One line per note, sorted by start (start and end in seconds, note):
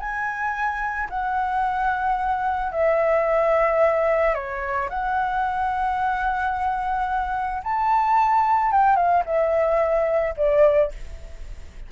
0.00 1.09 G#5
1.10 2.72 F#5
2.72 4.35 E5
4.35 4.89 C#5
4.90 7.63 F#5
7.64 8.72 A5
8.72 8.96 G5
8.96 9.24 F5
9.26 10.35 E5
10.37 10.92 D5